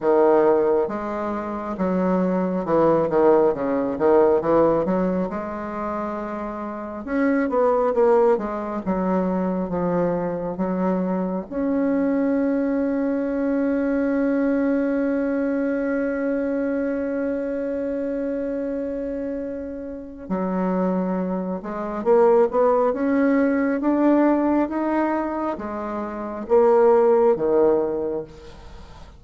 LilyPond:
\new Staff \with { instrumentName = "bassoon" } { \time 4/4 \tempo 4 = 68 dis4 gis4 fis4 e8 dis8 | cis8 dis8 e8 fis8 gis2 | cis'8 b8 ais8 gis8 fis4 f4 | fis4 cis'2.~ |
cis'1~ | cis'2. fis4~ | fis8 gis8 ais8 b8 cis'4 d'4 | dis'4 gis4 ais4 dis4 | }